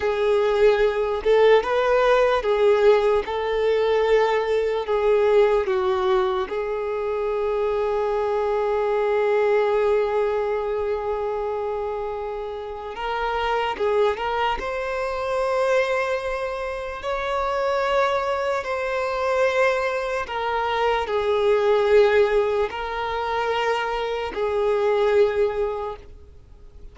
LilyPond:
\new Staff \with { instrumentName = "violin" } { \time 4/4 \tempo 4 = 74 gis'4. a'8 b'4 gis'4 | a'2 gis'4 fis'4 | gis'1~ | gis'1 |
ais'4 gis'8 ais'8 c''2~ | c''4 cis''2 c''4~ | c''4 ais'4 gis'2 | ais'2 gis'2 | }